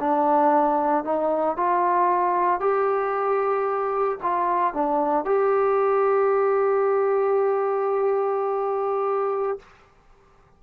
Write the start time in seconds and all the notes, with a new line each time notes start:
0.00 D4
1.05 D#4
1.57 F4
2.61 G4
4.23 F4
4.74 D4
5.25 G4